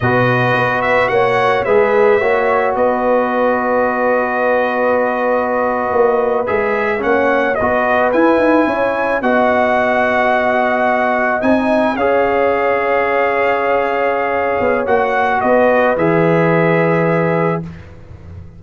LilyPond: <<
  \new Staff \with { instrumentName = "trumpet" } { \time 4/4 \tempo 4 = 109 dis''4. e''8 fis''4 e''4~ | e''4 dis''2.~ | dis''2.~ dis''8. e''16~ | e''8. fis''4 dis''4 gis''4~ gis''16~ |
gis''8. fis''2.~ fis''16~ | fis''8. gis''4 f''2~ f''16~ | f''2. fis''4 | dis''4 e''2. | }
  \new Staff \with { instrumentName = "horn" } { \time 4/4 b'2 cis''4 b'4 | cis''4 b'2.~ | b'1~ | b'8. cis''4 b'2 cis''16~ |
cis''8. dis''2.~ dis''16~ | dis''4.~ dis''16 cis''2~ cis''16~ | cis''1 | b'1 | }
  \new Staff \with { instrumentName = "trombone" } { \time 4/4 fis'2. gis'4 | fis'1~ | fis'2.~ fis'8. gis'16~ | gis'8. cis'4 fis'4 e'4~ e'16~ |
e'8. fis'2.~ fis'16~ | fis'8. dis'4 gis'2~ gis'16~ | gis'2. fis'4~ | fis'4 gis'2. | }
  \new Staff \with { instrumentName = "tuba" } { \time 4/4 b,4 b4 ais4 gis4 | ais4 b2.~ | b2~ b8. ais4 gis16~ | gis8. ais4 b4 e'8 dis'8 cis'16~ |
cis'8. b2.~ b16~ | b8. c'4 cis'2~ cis'16~ | cis'2~ cis'8 b8 ais4 | b4 e2. | }
>>